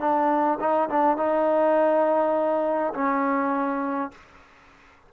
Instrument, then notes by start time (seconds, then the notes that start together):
trombone
0.00 D4
0.60 D#4
0.90 D4
1.17 D#4
2.94 C#4